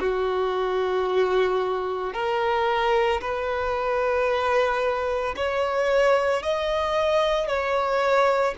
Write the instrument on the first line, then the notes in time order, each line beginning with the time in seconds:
violin
0.00 F#4
2.14 A#4
3.21 B4
5.37 C#5
6.43 D#5
7.48 C#5